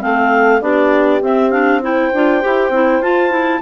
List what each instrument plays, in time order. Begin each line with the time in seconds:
0.00 bassoon A3, clarinet C4 F5, horn A4
0.61 bassoon B3, clarinet D4 D5, horn G4
1.21 bassoon C4, clarinet C4 E5
1.50 clarinet D4 F5
1.82 clarinet E4 G5, horn C5
2.13 bassoon D4, clarinet F4
2.41 bassoon E4, clarinet G4
2.69 bassoon C4, clarinet E4
3.00 bassoon F4, clarinet F4 A5
3.30 clarinet E4